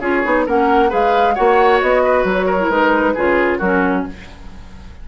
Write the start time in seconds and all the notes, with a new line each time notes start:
0.00 C#4 F4 G#4 C#5
0.24 B3 D#4
0.46 A#3 C#4 A#4 F#5
0.89 G#3 G#4 B4 F5
1.35 A#3 F#4 C#5 F#5
1.81 B3 D#5
2.04 B4
2.24 F#3 C#5
2.46 A#4
2.60 E4
2.70 G#3 D#4 B4
3.14 C#3 F4 G#4
3.58 F#3 C#4 F#4 A#4